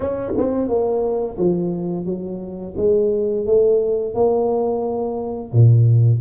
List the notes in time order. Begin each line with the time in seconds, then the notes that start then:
0.00 C#4
0.37 C4
0.68 A#3
1.38 F3
2.05 F#3
2.76 G#3
3.45 A3
4.14 A#3
5.52 A#2